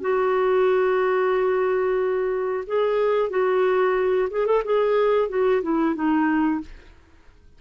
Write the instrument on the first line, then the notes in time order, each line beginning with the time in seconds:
clarinet
0.00 F#4
2.66 G#4
3.29 F#4
4.30 G#4
4.46 A4
4.64 G#4
5.29 F#4
5.62 E4
5.94 D#4